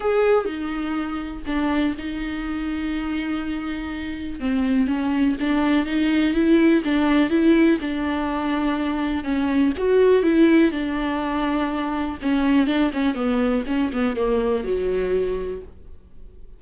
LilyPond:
\new Staff \with { instrumentName = "viola" } { \time 4/4 \tempo 4 = 123 gis'4 dis'2 d'4 | dis'1~ | dis'4 c'4 cis'4 d'4 | dis'4 e'4 d'4 e'4 |
d'2. cis'4 | fis'4 e'4 d'2~ | d'4 cis'4 d'8 cis'8 b4 | cis'8 b8 ais4 fis2 | }